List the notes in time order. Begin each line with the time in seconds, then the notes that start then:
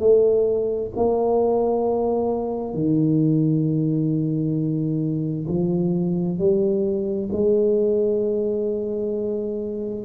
0.00 A3
0.97 A#3
2.74 D#3
5.48 F3
6.39 G3
7.33 G#3